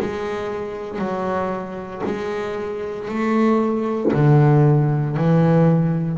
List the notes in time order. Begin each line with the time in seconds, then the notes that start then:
0.00 G#3
0.98 F#3
2.05 G#3
3.08 A3
4.13 D3
5.16 E3